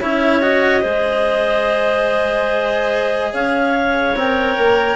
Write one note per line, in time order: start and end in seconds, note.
0.00 0.84 C#4
0.00 0.42 E4
0.00 0.82 C#5
0.00 0.42 E5
0.42 0.81 F#4
0.42 3.34 D#5
0.81 3.33 G#3
0.81 4.15 G#4
0.81 3.32 C5
3.33 4.15 C#4
3.33 4.97 C#5
3.33 4.17 F5
4.15 4.57 C4
4.15 4.97 A#4
4.15 4.97 G5
4.58 4.97 A#3